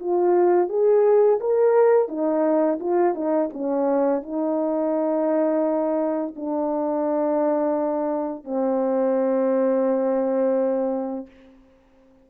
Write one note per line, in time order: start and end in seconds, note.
0.00 0.69 F4
0.69 1.40 G#4
1.41 2.09 A#4
2.09 2.79 D#4
2.80 3.15 F4
3.15 3.50 D#4
3.53 4.23 C#4
4.23 6.34 D#4
6.36 8.44 D4
8.44 11.27 C4